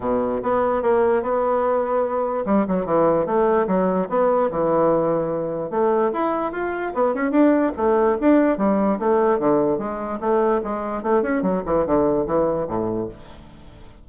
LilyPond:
\new Staff \with { instrumentName = "bassoon" } { \time 4/4 \tempo 4 = 147 b,4 b4 ais4 b4~ | b2 g8 fis8 e4 | a4 fis4 b4 e4~ | e2 a4 e'4 |
f'4 b8 cis'8 d'4 a4 | d'4 g4 a4 d4 | gis4 a4 gis4 a8 cis'8 | fis8 e8 d4 e4 a,4 | }